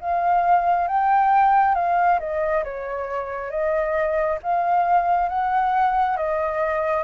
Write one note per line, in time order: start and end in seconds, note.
0.00 0.87 F5
0.87 1.74 G5
1.74 2.19 F5
2.19 2.64 D#5
2.64 3.50 C#5
3.50 4.38 D#5
4.42 5.29 F5
5.29 6.16 F#5
6.16 7.03 D#5